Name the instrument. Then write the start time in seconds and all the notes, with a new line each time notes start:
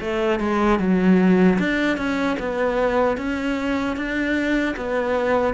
cello
0.00 A3
0.39 G#3
0.79 F#3
1.58 D4
1.97 C#4
2.39 B3
3.17 C#4
3.96 D4
4.76 B3